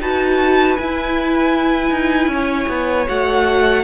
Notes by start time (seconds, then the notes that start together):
0.00 D#4 F#4 B4 A5
0.76 E4 G#5
1.90 D#4
2.27 C#4
2.33 C#5
2.68 B3
3.07 A3 F#4 F#5